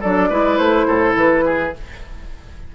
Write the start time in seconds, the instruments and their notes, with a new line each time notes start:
0.00 bassoon F#3, clarinet D4, oboe A4, flute D5
0.29 bassoon G#3, clarinet E4, oboe B4
0.57 bassoon A3, flute C5
0.87 bassoon A2, oboe A4
1.15 bassoon E3, flute B4
1.45 oboe G#4